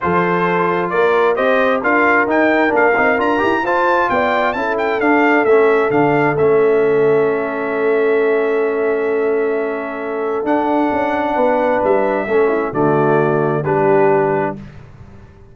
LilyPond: <<
  \new Staff \with { instrumentName = "trumpet" } { \time 4/4 \tempo 4 = 132 c''2 d''4 dis''4 | f''4 g''4 f''4 ais''4 | a''4 g''4 a''8 g''8 f''4 | e''4 f''4 e''2~ |
e''1~ | e''2. fis''4~ | fis''2 e''2 | d''2 b'2 | }
  \new Staff \with { instrumentName = "horn" } { \time 4/4 a'2 ais'4 c''4 | ais'1 | c''4 d''4 a'2~ | a'1~ |
a'1~ | a'1~ | a'4 b'2 a'8 e'8 | fis'2 g'2 | }
  \new Staff \with { instrumentName = "trombone" } { \time 4/4 f'2. g'4 | f'4 dis'4 d'8 dis'8 f'8 g'8 | f'2 e'4 d'4 | cis'4 d'4 cis'2~ |
cis'1~ | cis'2. d'4~ | d'2. cis'4 | a2 d'2 | }
  \new Staff \with { instrumentName = "tuba" } { \time 4/4 f2 ais4 c'4 | d'4 dis'4 ais8 c'8 d'8 e'8 | f'4 b4 cis'4 d'4 | a4 d4 a2~ |
a1~ | a2. d'4 | cis'4 b4 g4 a4 | d2 g2 | }
>>